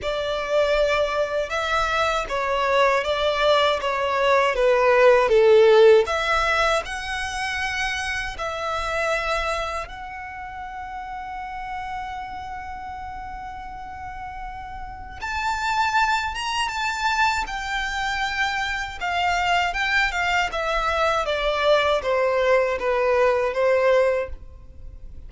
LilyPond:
\new Staff \with { instrumentName = "violin" } { \time 4/4 \tempo 4 = 79 d''2 e''4 cis''4 | d''4 cis''4 b'4 a'4 | e''4 fis''2 e''4~ | e''4 fis''2.~ |
fis''1 | a''4. ais''8 a''4 g''4~ | g''4 f''4 g''8 f''8 e''4 | d''4 c''4 b'4 c''4 | }